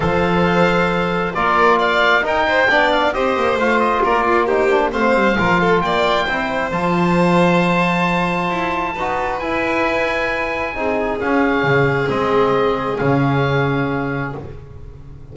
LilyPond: <<
  \new Staff \with { instrumentName = "oboe" } { \time 4/4 \tempo 4 = 134 f''2. d''4 | f''4 g''4. f''8 dis''4 | f''8 dis''8 d''4 c''4 f''4~ | f''4 g''2 a''4~ |
a''1~ | a''4 gis''2.~ | gis''4 f''2 dis''4~ | dis''4 f''2. | }
  \new Staff \with { instrumentName = "violin" } { \time 4/4 c''2. ais'4 | d''4 ais'8 c''8 d''4 c''4~ | c''4 ais'8 f'8 g'4 c''4 | ais'8 a'8 d''4 c''2~ |
c''1 | b'1 | gis'1~ | gis'1 | }
  \new Staff \with { instrumentName = "trombone" } { \time 4/4 a'2. f'4~ | f'4 dis'4 d'4 g'4 | f'2 dis'8 d'8 c'4 | f'2 e'4 f'4~ |
f'1 | fis'4 e'2. | dis'4 cis'2 c'4~ | c'4 cis'2. | }
  \new Staff \with { instrumentName = "double bass" } { \time 4/4 f2. ais4~ | ais4 dis'4 b4 c'8 ais8 | a4 ais2 a8 g8 | f4 ais4 c'4 f4~ |
f2. e'4 | dis'4 e'2. | c'4 cis'4 cis4 gis4~ | gis4 cis2. | }
>>